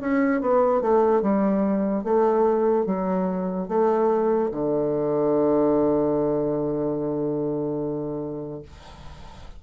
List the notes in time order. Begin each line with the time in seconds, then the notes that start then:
0.00 C#4
0.41 B3
0.81 A3
1.22 G3
2.04 A3
2.86 F#3
3.68 A3
4.51 D3